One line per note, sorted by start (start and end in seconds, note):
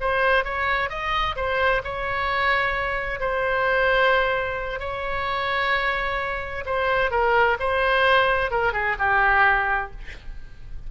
0.00 0.44 C5
0.44 0.89 C#5
0.89 1.35 D#5
1.36 1.82 C5
1.84 3.20 C#5
3.20 4.79 C5
4.79 6.64 C#5
6.65 7.11 C5
7.11 7.57 A#4
7.59 8.50 C5
8.50 8.73 A#4
8.73 8.96 G#4
8.99 9.91 G4